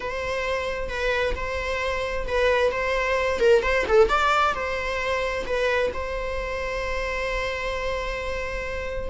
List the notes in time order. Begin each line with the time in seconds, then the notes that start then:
0.00 C5
0.88 B4
1.35 C5
2.27 B4
2.71 C5
3.39 A#4
3.62 C5
3.87 A4
4.08 D5
4.54 C5
5.46 B4
5.93 C5